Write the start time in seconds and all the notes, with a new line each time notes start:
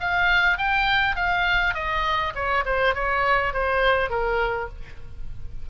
0.00 F5
0.57 G5
1.16 F5
1.74 D#5
2.35 C#5
2.65 C5
2.94 C#5
3.53 C5
4.10 A#4